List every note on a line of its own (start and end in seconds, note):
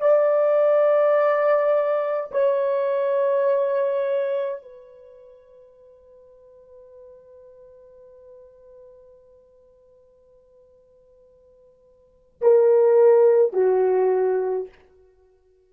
0.00 2.31 D5
2.31 4.62 C#5
4.62 12.41 B4
12.41 13.53 A#4
13.53 14.69 F#4